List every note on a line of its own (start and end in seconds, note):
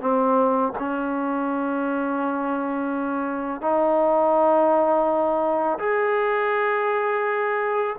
0.00 0.72 C4
0.79 3.61 C#4
3.61 5.78 D#4
5.79 7.96 G#4